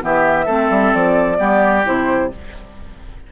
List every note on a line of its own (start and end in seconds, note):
0.00 0.47 E3
0.00 0.46 B3
0.00 0.45 G4
0.00 0.94 E5
0.45 0.70 A3
0.45 1.36 C4
0.45 1.37 A4
0.70 0.93 G3
0.94 1.39 F3
0.94 1.86 D5
1.36 1.85 G3
1.36 1.82 B3
1.36 2.30 G4
1.84 2.32 C3
1.84 2.30 E4
1.84 2.32 C5